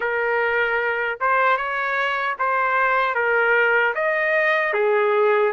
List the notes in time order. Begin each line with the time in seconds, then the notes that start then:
0.00 A#4
1.20 C5
1.57 C#5
2.38 C5
3.14 A#4
3.94 D#5
4.73 G#4